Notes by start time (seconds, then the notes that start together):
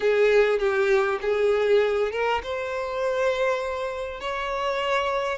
0.00 G#4
0.59 G4
1.21 G#4
2.11 A#4
2.43 C5
4.20 C#5